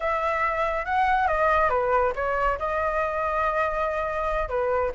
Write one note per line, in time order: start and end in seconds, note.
0.00 0.85 E5
0.85 1.27 F#5
1.27 1.69 D#5
1.69 2.12 B4
2.15 2.58 C#5
2.58 4.48 D#5
4.48 4.91 B4